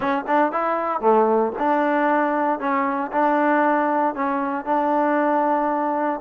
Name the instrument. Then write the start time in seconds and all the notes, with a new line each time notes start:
trombone
0.00 C#4
0.27 D4
0.52 E4
1.00 A3
1.58 D4
2.59 C#4
3.12 D4
4.14 C#4
4.65 D4